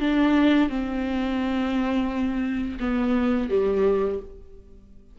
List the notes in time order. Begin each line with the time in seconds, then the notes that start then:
0.00 D4
0.69 C4
2.80 B3
3.49 G3